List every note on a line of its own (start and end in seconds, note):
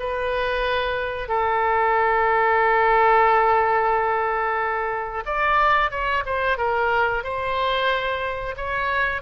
0.00 1.29 B4
1.29 5.24 A4
5.26 5.91 D5
5.91 6.24 C#5
6.26 6.58 C5
6.58 7.24 A#4
7.24 8.56 C5
8.57 9.22 C#5